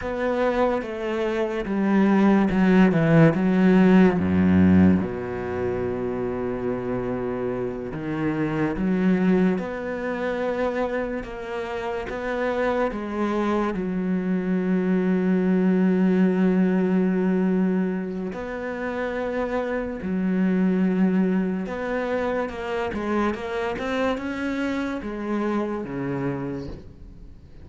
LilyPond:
\new Staff \with { instrumentName = "cello" } { \time 4/4 \tempo 4 = 72 b4 a4 g4 fis8 e8 | fis4 fis,4 b,2~ | b,4. dis4 fis4 b8~ | b4. ais4 b4 gis8~ |
gis8 fis2.~ fis8~ | fis2 b2 | fis2 b4 ais8 gis8 | ais8 c'8 cis'4 gis4 cis4 | }